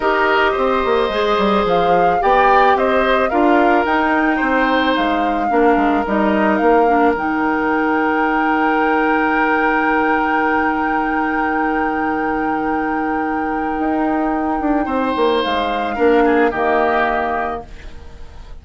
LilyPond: <<
  \new Staff \with { instrumentName = "flute" } { \time 4/4 \tempo 4 = 109 dis''2. f''4 | g''4 dis''4 f''4 g''4~ | g''4 f''2 dis''4 | f''4 g''2.~ |
g''1~ | g''1~ | g''1 | f''2 dis''2 | }
  \new Staff \with { instrumentName = "oboe" } { \time 4/4 ais'4 c''2. | d''4 c''4 ais'2 | c''2 ais'2~ | ais'1~ |
ais'1~ | ais'1~ | ais'2. c''4~ | c''4 ais'8 gis'8 g'2 | }
  \new Staff \with { instrumentName = "clarinet" } { \time 4/4 g'2 gis'2 | g'2 f'4 dis'4~ | dis'2 d'4 dis'4~ | dis'8 d'8 dis'2.~ |
dis'1~ | dis'1~ | dis'1~ | dis'4 d'4 ais2 | }
  \new Staff \with { instrumentName = "bassoon" } { \time 4/4 dis'4 c'8 ais8 gis8 g8 f4 | b4 c'4 d'4 dis'4 | c'4 gis4 ais8 gis8 g4 | ais4 dis2.~ |
dis1~ | dis1~ | dis4 dis'4. d'8 c'8 ais8 | gis4 ais4 dis2 | }
>>